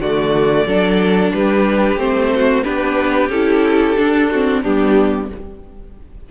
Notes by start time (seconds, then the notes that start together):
0.00 D3 A3 F#4 D5
0.66 F#3 D4 A4
1.33 G3 G4 B4
1.96 A3 C4 C5
2.35 F#4
2.63 B3 D4 G4 B4
3.29 C#4 E4 A4
3.97 D4
4.30 C4 F#4
4.62 G3 B3 D4 G4